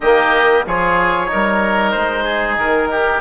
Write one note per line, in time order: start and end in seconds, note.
0.00 0.64 D#3
0.00 0.67 A#3
0.00 0.65 G4
0.00 0.65 D#5
0.66 1.30 F3
0.66 1.26 F4
0.66 1.31 G#4
0.66 1.91 C#5
1.26 3.20 D#4
1.26 2.24 A#4
1.33 1.95 G3
1.91 2.57 G#3
1.91 2.55 C5
2.24 2.88 G#4
2.57 3.20 D#3
2.57 3.20 A#4
2.90 3.20 G4